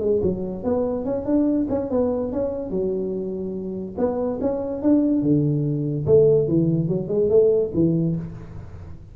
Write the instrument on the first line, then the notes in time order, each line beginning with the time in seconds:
tuba
0.00 G#3
0.22 F#3
0.63 B3
1.05 C#4
1.25 D4
1.69 C#4
1.90 B3
2.32 C#4
2.70 F#3
3.97 B3
4.41 C#4
4.82 D4
5.22 D3
6.06 A3
6.48 E3
6.88 F#3
7.08 G#3
7.29 A3
7.74 E3